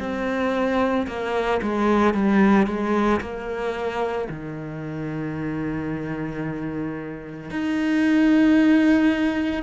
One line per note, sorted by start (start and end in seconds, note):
0.00 1.07 C4
1.08 1.61 A#3
1.62 2.14 G#3
2.14 2.67 G3
2.67 3.20 G#3
3.21 4.28 A#3
4.30 7.50 D#3
7.50 9.63 D#4